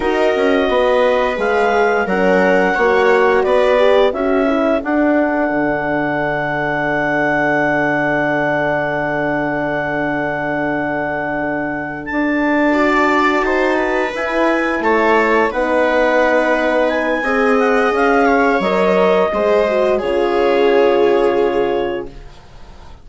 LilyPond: <<
  \new Staff \with { instrumentName = "clarinet" } { \time 4/4 \tempo 4 = 87 dis''2 f''4 fis''4~ | fis''4 d''4 e''4 fis''4~ | fis''1~ | fis''1~ |
fis''4. a''2~ a''8~ | a''8 gis''4 a''4 fis''4.~ | fis''8 gis''4 fis''8 f''4 dis''4~ | dis''4 cis''2. | }
  \new Staff \with { instrumentName = "viola" } { \time 4/4 ais'4 b'2 ais'4 | cis''4 b'4 a'2~ | a'1~ | a'1~ |
a'2~ a'8 d''4 c''8 | b'4. cis''4 b'4.~ | b'4 dis''4. cis''4. | c''4 gis'2. | }
  \new Staff \with { instrumentName = "horn" } { \time 4/4 fis'2 gis'4 cis'4 | fis'4. g'8 fis'8 e'8 d'4~ | d'1~ | d'1~ |
d'2~ d'8 fis'4.~ | fis'8 e'2 dis'4.~ | dis'4 gis'2 ais'4 | gis'8 fis'8 f'2. | }
  \new Staff \with { instrumentName = "bassoon" } { \time 4/4 dis'8 cis'8 b4 gis4 fis4 | ais4 b4 cis'4 d'4 | d1~ | d1~ |
d4. d'2 dis'8~ | dis'8 e'4 a4 b4.~ | b4 c'4 cis'4 fis4 | gis4 cis2. | }
>>